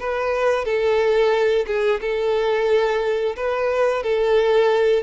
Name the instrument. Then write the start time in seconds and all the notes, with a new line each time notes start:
violin
0.00 B4
0.65 A4
1.67 G#4
2.01 A4
3.36 B4
4.03 A4